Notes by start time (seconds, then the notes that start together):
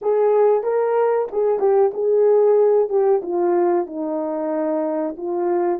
0.01 G#4
0.63 A#4
1.31 G#4
1.59 G4
1.93 G#4
2.89 G4
3.22 F4
3.86 D#4
5.17 F4